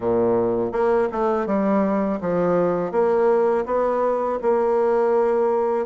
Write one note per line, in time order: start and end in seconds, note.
0.00 0.72 A#2
0.72 1.08 A#3
1.12 1.46 A3
1.46 2.19 G3
2.21 2.91 F3
2.91 3.65 A#3
3.65 4.38 B3
4.41 5.86 A#3